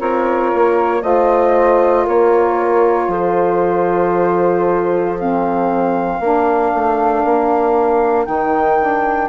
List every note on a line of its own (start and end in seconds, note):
0.00 0.53 C4
0.00 1.03 F4
0.00 1.02 A#4
0.00 1.03 C#5
0.54 1.03 A#3
1.02 2.06 A3
1.02 5.16 F4
1.02 2.05 C5
1.02 2.06 D#5
2.05 3.08 A#3
2.05 3.08 A#4
2.05 3.12 C#5
3.08 6.19 F3
3.08 6.20 A4
3.08 5.19 C5
5.19 6.22 C4
5.19 8.26 F5
6.20 6.72 A#3
6.20 8.26 D4
6.20 9.29 A#4
6.75 7.25 A3
7.25 8.28 A#3
8.26 9.29 D#3
8.26 8.78 D#4
8.26 9.29 G5
8.80 9.29 D4